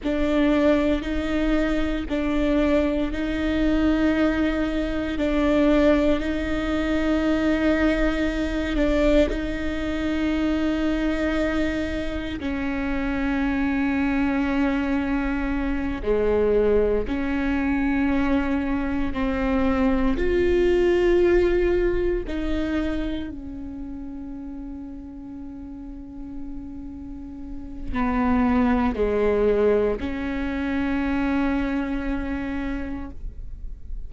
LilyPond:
\new Staff \with { instrumentName = "viola" } { \time 4/4 \tempo 4 = 58 d'4 dis'4 d'4 dis'4~ | dis'4 d'4 dis'2~ | dis'8 d'8 dis'2. | cis'2.~ cis'8 gis8~ |
gis8 cis'2 c'4 f'8~ | f'4. dis'4 cis'4.~ | cis'2. b4 | gis4 cis'2. | }